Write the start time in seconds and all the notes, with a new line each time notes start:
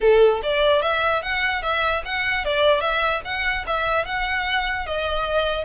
0.00 A4
0.42 D5
0.81 E5
1.22 F#5
1.62 E5
2.05 F#5
2.45 D5
2.80 E5
3.24 F#5
3.67 E5
4.05 F#5
4.86 D#5